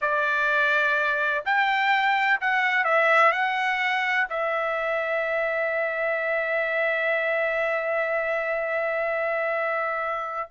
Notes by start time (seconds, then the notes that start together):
0.01 D5
1.45 G5
2.40 F#5
2.84 E5
3.32 F#5
4.29 E5